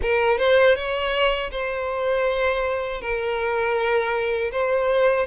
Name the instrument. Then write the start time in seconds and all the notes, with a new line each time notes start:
violin
0.01 A#4
0.38 C5
0.75 C#5
1.51 C5
3.01 A#4
4.51 C5